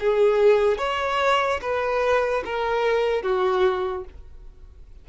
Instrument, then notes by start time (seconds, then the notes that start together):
violin
0.00 G#4
0.78 C#5
1.62 B4
2.45 A#4
3.23 F#4